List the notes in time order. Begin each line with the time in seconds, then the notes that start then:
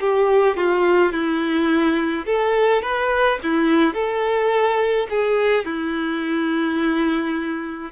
0.00 G4
0.57 F4
1.12 E4
2.25 A4
2.82 B4
3.43 E4
3.93 A4
5.09 G#4
5.65 E4